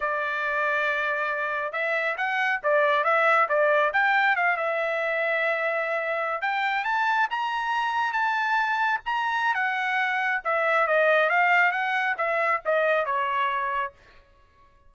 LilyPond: \new Staff \with { instrumentName = "trumpet" } { \time 4/4 \tempo 4 = 138 d''1 | e''4 fis''4 d''4 e''4 | d''4 g''4 f''8 e''4.~ | e''2~ e''8. g''4 a''16~ |
a''8. ais''2 a''4~ a''16~ | a''8. ais''4~ ais''16 fis''2 | e''4 dis''4 f''4 fis''4 | e''4 dis''4 cis''2 | }